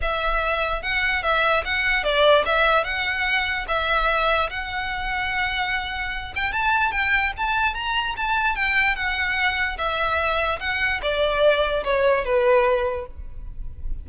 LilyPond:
\new Staff \with { instrumentName = "violin" } { \time 4/4 \tempo 4 = 147 e''2 fis''4 e''4 | fis''4 d''4 e''4 fis''4~ | fis''4 e''2 fis''4~ | fis''2.~ fis''8 g''8 |
a''4 g''4 a''4 ais''4 | a''4 g''4 fis''2 | e''2 fis''4 d''4~ | d''4 cis''4 b'2 | }